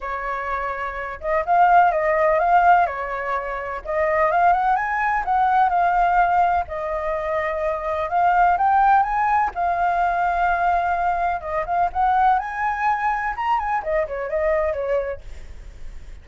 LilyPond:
\new Staff \with { instrumentName = "flute" } { \time 4/4 \tempo 4 = 126 cis''2~ cis''8 dis''8 f''4 | dis''4 f''4 cis''2 | dis''4 f''8 fis''8 gis''4 fis''4 | f''2 dis''2~ |
dis''4 f''4 g''4 gis''4 | f''1 | dis''8 f''8 fis''4 gis''2 | ais''8 gis''8 dis''8 cis''8 dis''4 cis''4 | }